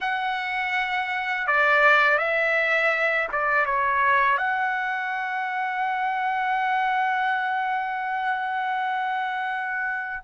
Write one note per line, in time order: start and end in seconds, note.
0.00 1.47 F#5
1.47 2.18 D5
2.18 3.28 E5
3.32 3.65 D5
3.65 4.37 C#5
4.37 10.22 F#5